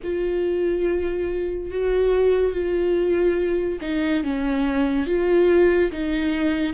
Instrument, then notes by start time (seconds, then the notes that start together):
viola
0.03 F4
1.71 F#4
2.52 F4
3.81 D#4
4.23 C#4
5.06 F4
5.92 D#4